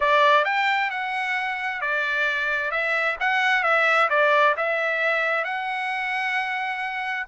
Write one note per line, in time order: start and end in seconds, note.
0.00 0.44 D5
0.44 0.90 G5
0.90 1.81 F#5
1.81 2.71 D5
2.71 3.16 E5
3.19 3.63 F#5
3.63 4.08 E5
4.09 4.55 D5
4.56 5.44 E5
5.44 7.26 F#5